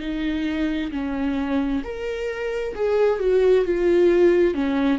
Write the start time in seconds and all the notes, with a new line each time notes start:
0.00 D#4
0.92 C#4
1.84 A#4
2.75 G#4
3.19 F#4
3.65 F4
4.54 C#4